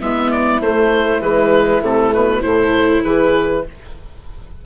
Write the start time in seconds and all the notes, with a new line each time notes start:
0.00 G#3 B3 E4 E5
0.31 D5
0.60 A3 C5
1.21 E3 G#3 B4
1.82 C3 A3 A4
2.14 B2 B4
2.41 A2 E4 A4 C5
3.04 E3 G#4 B4